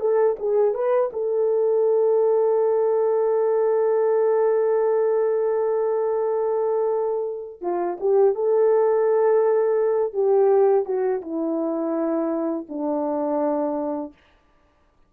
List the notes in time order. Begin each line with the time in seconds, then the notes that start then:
0.00 A4
0.39 G#4
0.74 B4
1.13 A4
7.61 F4
8.00 G4
8.35 A4
10.13 G4
10.85 F#4
11.22 E4
12.69 D4